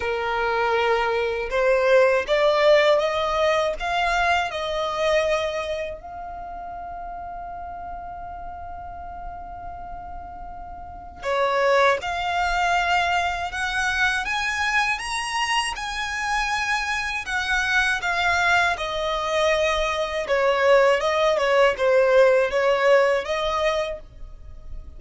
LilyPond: \new Staff \with { instrumentName = "violin" } { \time 4/4 \tempo 4 = 80 ais'2 c''4 d''4 | dis''4 f''4 dis''2 | f''1~ | f''2. cis''4 |
f''2 fis''4 gis''4 | ais''4 gis''2 fis''4 | f''4 dis''2 cis''4 | dis''8 cis''8 c''4 cis''4 dis''4 | }